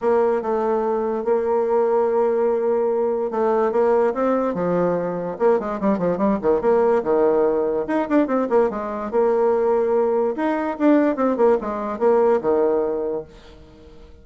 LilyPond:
\new Staff \with { instrumentName = "bassoon" } { \time 4/4 \tempo 4 = 145 ais4 a2 ais4~ | ais1 | a4 ais4 c'4 f4~ | f4 ais8 gis8 g8 f8 g8 dis8 |
ais4 dis2 dis'8 d'8 | c'8 ais8 gis4 ais2~ | ais4 dis'4 d'4 c'8 ais8 | gis4 ais4 dis2 | }